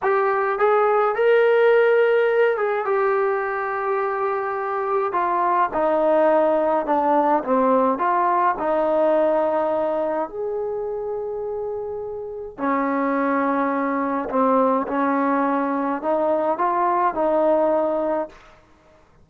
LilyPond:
\new Staff \with { instrumentName = "trombone" } { \time 4/4 \tempo 4 = 105 g'4 gis'4 ais'2~ | ais'8 gis'8 g'2.~ | g'4 f'4 dis'2 | d'4 c'4 f'4 dis'4~ |
dis'2 gis'2~ | gis'2 cis'2~ | cis'4 c'4 cis'2 | dis'4 f'4 dis'2 | }